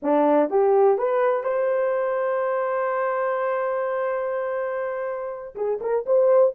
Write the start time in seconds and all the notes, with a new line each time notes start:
0.02 D4
0.49 G4
0.97 B4
1.43 C5
5.55 G#4
5.81 A#4
6.06 C5